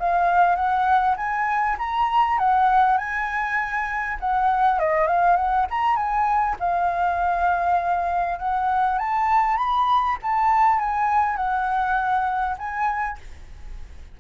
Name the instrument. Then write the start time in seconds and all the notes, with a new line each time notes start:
flute
0.00 F5
0.56 F#5
1.17 G#5
1.79 A#5
2.39 F#5
2.98 G#5
4.21 F#5
4.80 D#5
5.08 F5
5.37 F#5
5.71 A#5
5.96 G#5
6.60 F5
8.39 F#5
8.99 A5
9.58 B5
10.23 A5
10.79 G#5
11.37 F#5
12.59 G#5